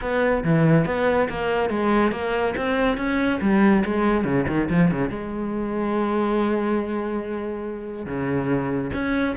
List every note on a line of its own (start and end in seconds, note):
0.01 0.43 B3
0.44 0.85 E3
0.85 1.28 B3
1.29 1.69 A#3
1.69 2.11 G#3
2.11 2.54 A#3
2.56 2.97 C4
2.97 3.39 C#4
3.41 3.83 G3
3.84 4.24 G#3
4.24 4.45 C#3
4.47 4.68 D#3
4.69 4.91 F3
4.91 5.09 C#3
5.09 8.06 G#3
8.06 8.91 C#3
8.93 9.35 C#4